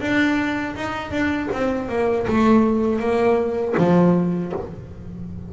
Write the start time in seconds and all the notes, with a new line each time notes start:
0.00 D4
0.75 D#4
1.11 D4
1.52 C4
1.89 A#3
2.27 A3
2.99 A#3
3.77 F3